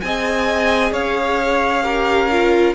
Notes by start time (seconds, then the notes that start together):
0.00 C4 G#4 D#5 G#5
0.91 C#4 C#5 F5
1.83 G4 A#4
2.31 F4